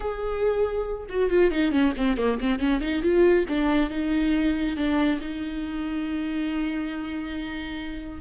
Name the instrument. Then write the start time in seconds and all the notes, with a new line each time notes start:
viola
0.00 G#4
1.09 F#4
1.29 F4
1.51 D#4
1.71 C#4
1.97 C4
2.17 A#3
2.40 C4
2.59 C#4
2.80 D#4
3.02 F4
3.48 D4
3.90 D#4
4.76 D4
5.21 D#4